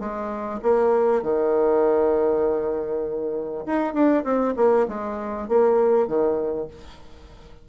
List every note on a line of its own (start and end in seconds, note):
0.00 0.61 G#3
0.63 1.23 A#3
1.23 3.66 D#3
3.67 3.94 D#4
3.94 4.24 D4
4.24 4.55 C4
4.57 4.87 A#3
4.89 5.49 G#3
5.49 6.08 A#3
6.08 6.68 D#3